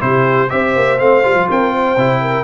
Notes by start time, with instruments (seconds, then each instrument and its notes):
0.00 tuba C3, trombone E4, horn G4, trumpet C5
0.50 tuba C4, trombone G4, horn C5, trumpet E5
0.76 tuba A#3
0.99 tuba A3, trombone C4, trumpet F5
1.23 tuba G3, trombone F4
1.35 tuba F3
1.50 tuba C4, horn A#4, trumpet G5
1.72 horn C5
1.97 tuba C3, trombone E4
2.22 horn A#4